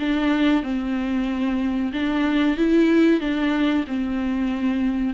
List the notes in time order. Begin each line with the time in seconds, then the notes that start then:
0.00 D4
0.63 C4
1.93 D4
2.58 E4
3.21 D4
3.88 C4